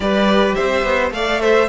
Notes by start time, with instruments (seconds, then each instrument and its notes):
0.00 cello G3, viola G4, violin B4 D5
0.53 cello C4, violin C5 E5
0.84 cello B3
1.11 cello A3, viola A4, violin D5 F5
1.40 violin C5 E5